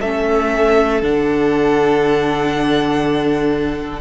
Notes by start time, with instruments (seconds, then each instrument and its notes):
0.00 cello A3, viola C#4, violin A4 E5
1.01 cello D3, viola D4, violin F#5